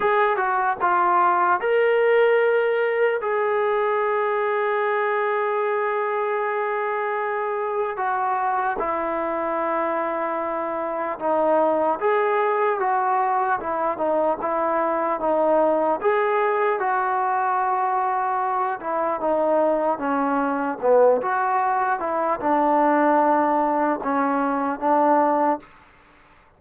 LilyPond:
\new Staff \with { instrumentName = "trombone" } { \time 4/4 \tempo 4 = 75 gis'8 fis'8 f'4 ais'2 | gis'1~ | gis'2 fis'4 e'4~ | e'2 dis'4 gis'4 |
fis'4 e'8 dis'8 e'4 dis'4 | gis'4 fis'2~ fis'8 e'8 | dis'4 cis'4 b8 fis'4 e'8 | d'2 cis'4 d'4 | }